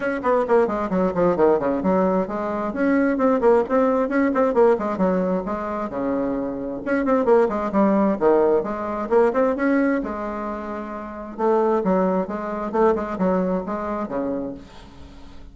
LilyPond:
\new Staff \with { instrumentName = "bassoon" } { \time 4/4 \tempo 4 = 132 cis'8 b8 ais8 gis8 fis8 f8 dis8 cis8 | fis4 gis4 cis'4 c'8 ais8 | c'4 cis'8 c'8 ais8 gis8 fis4 | gis4 cis2 cis'8 c'8 |
ais8 gis8 g4 dis4 gis4 | ais8 c'8 cis'4 gis2~ | gis4 a4 fis4 gis4 | a8 gis8 fis4 gis4 cis4 | }